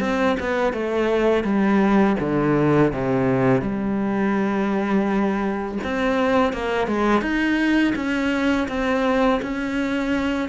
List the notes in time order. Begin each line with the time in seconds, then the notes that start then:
0.00 C4
0.39 B3
0.73 A3
1.44 G3
2.19 D3
2.92 C3
3.61 G3
5.84 C4
6.53 A#3
6.87 G#3
7.21 D#4
7.95 C#4
8.68 C4
9.42 C#4